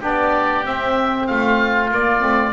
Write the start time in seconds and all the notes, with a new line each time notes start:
0.00 B3 D4 G4 D5
0.63 C4 E5
1.27 A3 F4 F5
1.90 A#3 D5
2.20 A3 C4